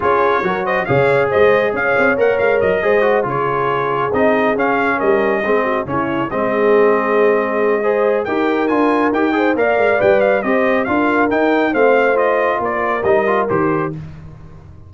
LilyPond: <<
  \new Staff \with { instrumentName = "trumpet" } { \time 4/4 \tempo 4 = 138 cis''4. dis''8 f''4 dis''4 | f''4 fis''8 f''8 dis''4. cis''8~ | cis''4. dis''4 f''4 dis''8~ | dis''4. cis''4 dis''4.~ |
dis''2. g''4 | gis''4 g''4 f''4 g''8 f''8 | dis''4 f''4 g''4 f''4 | dis''4 d''4 dis''4 c''4 | }
  \new Staff \with { instrumentName = "horn" } { \time 4/4 gis'4 ais'8 c''8 cis''4 c''4 | cis''2~ cis''8 c''4 gis'8~ | gis'2.~ gis'8 ais'8~ | ais'8 gis'8 fis'8 e'4 gis'4.~ |
gis'2 c''4 ais'4~ | ais'4. c''8 d''2 | c''4 ais'2 c''4~ | c''4 ais'2. | }
  \new Staff \with { instrumentName = "trombone" } { \time 4/4 f'4 fis'4 gis'2~ | gis'4 ais'4. gis'8 fis'8 f'8~ | f'4. dis'4 cis'4.~ | cis'8 c'4 cis'4 c'4.~ |
c'2 gis'4 g'4 | f'4 g'8 gis'8 ais'4 b'4 | g'4 f'4 dis'4 c'4 | f'2 dis'8 f'8 g'4 | }
  \new Staff \with { instrumentName = "tuba" } { \time 4/4 cis'4 fis4 cis4 gis4 | cis'8 c'8 ais8 gis8 fis8 gis4 cis8~ | cis4. c'4 cis'4 g8~ | g8 gis4 cis4 gis4.~ |
gis2. dis'4 | d'4 dis'4 ais8 gis8 g4 | c'4 d'4 dis'4 a4~ | a4 ais4 g4 dis4 | }
>>